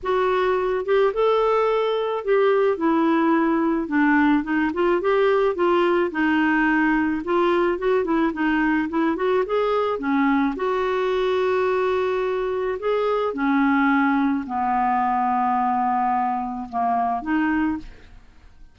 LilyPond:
\new Staff \with { instrumentName = "clarinet" } { \time 4/4 \tempo 4 = 108 fis'4. g'8 a'2 | g'4 e'2 d'4 | dis'8 f'8 g'4 f'4 dis'4~ | dis'4 f'4 fis'8 e'8 dis'4 |
e'8 fis'8 gis'4 cis'4 fis'4~ | fis'2. gis'4 | cis'2 b2~ | b2 ais4 dis'4 | }